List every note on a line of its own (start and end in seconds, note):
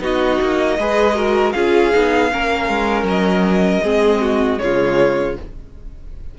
0.00 0.38 B3
0.00 0.78 D#4
0.00 0.79 F#4
0.00 1.53 D#5
0.42 0.79 A#3
0.79 1.55 G#3
0.79 1.16 G#4
0.79 1.16 B4
1.16 1.53 F#4
1.16 1.54 A#4
1.53 1.93 C#4
1.53 1.93 F4
1.53 2.31 G#4
1.53 3.04 F5
1.93 2.34 B3
1.93 2.31 D#4
2.31 2.69 A#3
2.31 3.83 C#4
2.31 3.84 A#4
2.69 3.04 G#3
3.04 3.80 F#3
3.04 4.59 D#5
3.84 4.60 G#3
3.84 4.58 C4
3.84 4.22 G#4
4.22 4.60 F#4
4.58 5.37 C#3
4.58 5.34 G#3
4.58 5.39 F4
4.58 5.35 C#5